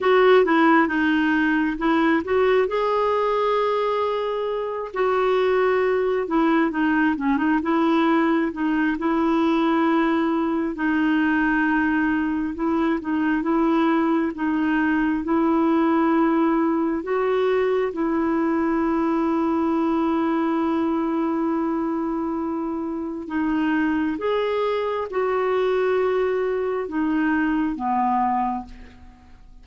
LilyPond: \new Staff \with { instrumentName = "clarinet" } { \time 4/4 \tempo 4 = 67 fis'8 e'8 dis'4 e'8 fis'8 gis'4~ | gis'4. fis'4. e'8 dis'8 | cis'16 dis'16 e'4 dis'8 e'2 | dis'2 e'8 dis'8 e'4 |
dis'4 e'2 fis'4 | e'1~ | e'2 dis'4 gis'4 | fis'2 dis'4 b4 | }